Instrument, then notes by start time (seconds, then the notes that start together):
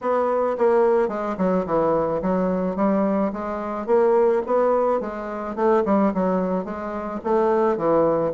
bassoon
0.01 B3
0.58 A#3
1.08 G#3
1.37 F#3
1.65 E3
2.21 F#3
2.76 G3
3.32 G#3
3.86 A#3
4.46 B3
5.00 G#3
5.55 A3
5.85 G3
6.14 F#3
6.64 G#3
7.23 A3
7.77 E3